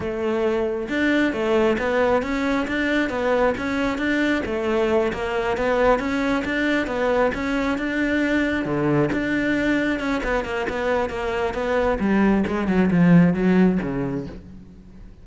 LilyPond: \new Staff \with { instrumentName = "cello" } { \time 4/4 \tempo 4 = 135 a2 d'4 a4 | b4 cis'4 d'4 b4 | cis'4 d'4 a4. ais8~ | ais8 b4 cis'4 d'4 b8~ |
b8 cis'4 d'2 d8~ | d8 d'2 cis'8 b8 ais8 | b4 ais4 b4 g4 | gis8 fis8 f4 fis4 cis4 | }